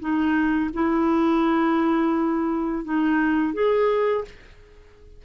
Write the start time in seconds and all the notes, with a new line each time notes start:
0.00 D#4
0.74 E4
2.85 D#4
3.54 G#4